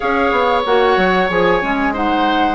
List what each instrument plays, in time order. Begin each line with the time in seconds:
0.00 bassoon C#4, clarinet G#4, oboe C#5, flute F5
0.31 bassoon B3
0.65 bassoon A#3, clarinet F#4, flute F#5
0.97 bassoon F#3
1.29 bassoon F3, clarinet G#4, flute G#5
1.61 bassoon G#3, clarinet C#4
1.93 clarinet D#4, oboe C5, flute F#5